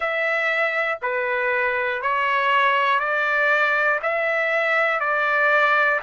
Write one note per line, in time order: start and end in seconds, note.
0.00 0.98 E5
1.01 2.01 B4
2.01 3.00 C#5
3.00 4.00 D5
4.02 5.00 E5
5.00 6.00 D5